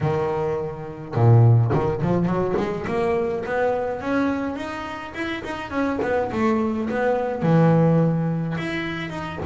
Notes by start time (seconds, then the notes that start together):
0.00 D#3
1.14 A#2
1.72 D#3
2.02 F3
2.25 F#3
2.57 G#3
2.87 A#3
3.45 B3
4.00 C#4
4.56 D#4
5.14 E4
5.43 D#4
5.70 C#4
6.02 B3
6.32 A3
6.89 B3
7.42 E3
8.57 E4
9.10 D#4